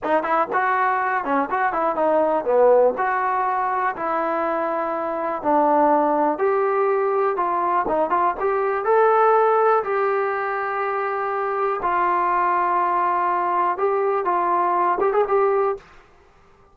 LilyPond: \new Staff \with { instrumentName = "trombone" } { \time 4/4 \tempo 4 = 122 dis'8 e'8 fis'4. cis'8 fis'8 e'8 | dis'4 b4 fis'2 | e'2. d'4~ | d'4 g'2 f'4 |
dis'8 f'8 g'4 a'2 | g'1 | f'1 | g'4 f'4. g'16 gis'16 g'4 | }